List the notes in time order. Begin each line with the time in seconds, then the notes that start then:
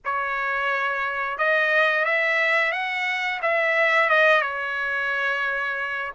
0.04 C#5
1.38 D#5
2.05 E5
2.71 F#5
3.42 E5
4.09 D#5
4.41 C#5